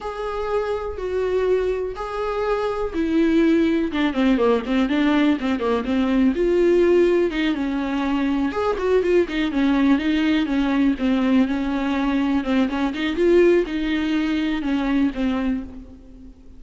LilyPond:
\new Staff \with { instrumentName = "viola" } { \time 4/4 \tempo 4 = 123 gis'2 fis'2 | gis'2 e'2 | d'8 c'8 ais8 c'8 d'4 c'8 ais8 | c'4 f'2 dis'8 cis'8~ |
cis'4. gis'8 fis'8 f'8 dis'8 cis'8~ | cis'8 dis'4 cis'4 c'4 cis'8~ | cis'4. c'8 cis'8 dis'8 f'4 | dis'2 cis'4 c'4 | }